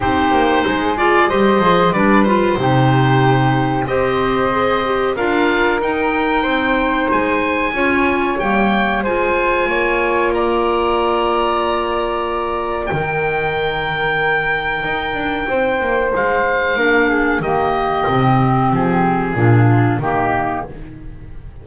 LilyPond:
<<
  \new Staff \with { instrumentName = "oboe" } { \time 4/4 \tempo 4 = 93 c''4. d''8 dis''4 d''8 c''8~ | c''2 dis''2 | f''4 g''2 gis''4~ | gis''4 g''4 gis''2 |
ais''1 | g''1~ | g''4 f''2 dis''4~ | dis''4 gis'2 g'4 | }
  \new Staff \with { instrumentName = "flute" } { \time 4/4 g'4 gis'4 c''4 b'4 | g'2 c''2 | ais'2 c''2 | cis''2 c''4 cis''4 |
d''1 | ais'1 | c''2 ais'8 gis'8 g'4~ | g'2 f'4 dis'4 | }
  \new Staff \with { instrumentName = "clarinet" } { \time 4/4 dis'4. f'8 g'8 gis'8 d'8 f'8 | dis'2 g'4 gis'8 g'8 | f'4 dis'2. | f'4 ais4 f'2~ |
f'1 | dis'1~ | dis'2 d'4 ais4 | c'2 d'4 ais4 | }
  \new Staff \with { instrumentName = "double bass" } { \time 4/4 c'8 ais8 gis4 g8 f8 g4 | c2 c'2 | d'4 dis'4 c'4 gis4 | cis'4 g4 gis4 ais4~ |
ais1 | dis2. dis'8 d'8 | c'8 ais8 gis4 ais4 dis4 | c4 f4 ais,4 dis4 | }
>>